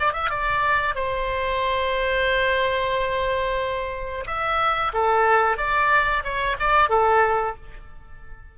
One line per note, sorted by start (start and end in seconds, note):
0.00 0.13 D5
0.13 0.30 E5
0.30 0.95 D5
0.95 4.25 C5
4.27 4.93 E5
4.94 5.58 A4
5.58 6.24 D5
6.24 6.57 C#5
6.60 6.90 D5
6.90 7.56 A4